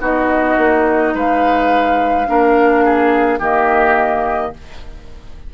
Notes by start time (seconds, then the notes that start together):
0.00 B3 D#4 F#4 D#5
0.58 A#3
1.15 G#3 B4 F5
2.27 A#3 D4 A#4
2.85 G#4
3.40 D#3 A#3 G4 D#5